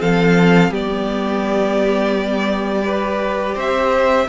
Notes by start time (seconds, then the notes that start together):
0.00 F3 C4 A4 F5
0.70 G3 B3 G4 D5
2.84 G4 B4
3.56 C4 C5 E5